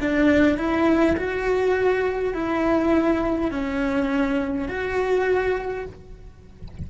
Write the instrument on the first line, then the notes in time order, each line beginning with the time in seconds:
cello
0.00 D4
0.57 E4
1.17 F#4
2.34 E4
3.51 C#4
4.67 F#4